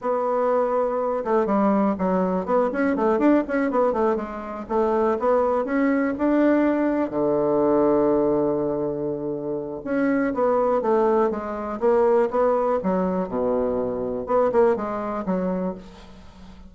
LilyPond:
\new Staff \with { instrumentName = "bassoon" } { \time 4/4 \tempo 4 = 122 b2~ b8 a8 g4 | fis4 b8 cis'8 a8 d'8 cis'8 b8 | a8 gis4 a4 b4 cis'8~ | cis'8 d'2 d4.~ |
d1 | cis'4 b4 a4 gis4 | ais4 b4 fis4 b,4~ | b,4 b8 ais8 gis4 fis4 | }